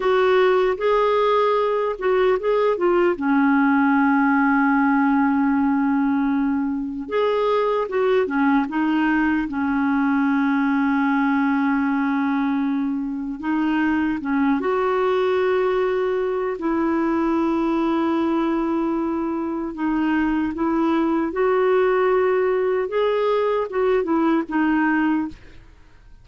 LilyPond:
\new Staff \with { instrumentName = "clarinet" } { \time 4/4 \tempo 4 = 76 fis'4 gis'4. fis'8 gis'8 f'8 | cis'1~ | cis'4 gis'4 fis'8 cis'8 dis'4 | cis'1~ |
cis'4 dis'4 cis'8 fis'4.~ | fis'4 e'2.~ | e'4 dis'4 e'4 fis'4~ | fis'4 gis'4 fis'8 e'8 dis'4 | }